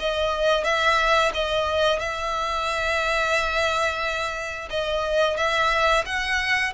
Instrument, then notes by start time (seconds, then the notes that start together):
violin
0.00 D#5
0.65 E5
1.35 D#5
1.99 E5
4.70 D#5
5.37 E5
6.06 F#5